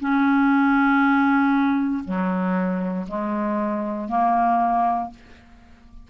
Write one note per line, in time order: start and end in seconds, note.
0.00 2.03 C#4
2.04 3.06 F#3
3.08 4.08 G#3
4.08 5.10 A#3